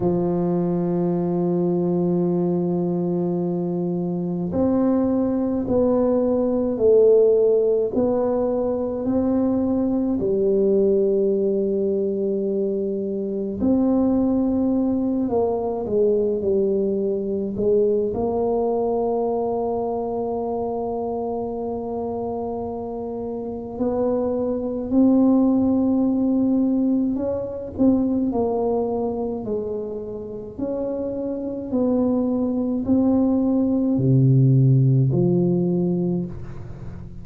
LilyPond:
\new Staff \with { instrumentName = "tuba" } { \time 4/4 \tempo 4 = 53 f1 | c'4 b4 a4 b4 | c'4 g2. | c'4. ais8 gis8 g4 gis8 |
ais1~ | ais4 b4 c'2 | cis'8 c'8 ais4 gis4 cis'4 | b4 c'4 c4 f4 | }